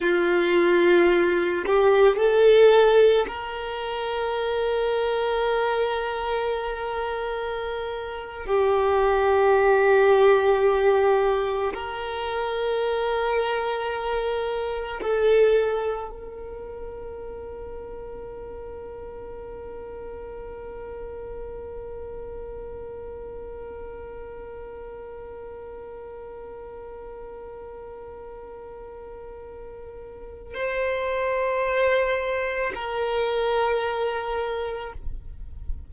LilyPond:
\new Staff \with { instrumentName = "violin" } { \time 4/4 \tempo 4 = 55 f'4. g'8 a'4 ais'4~ | ais'2.~ ais'8. g'16~ | g'2~ g'8. ais'4~ ais'16~ | ais'4.~ ais'16 a'4 ais'4~ ais'16~ |
ais'1~ | ais'1~ | ais'1 | c''2 ais'2 | }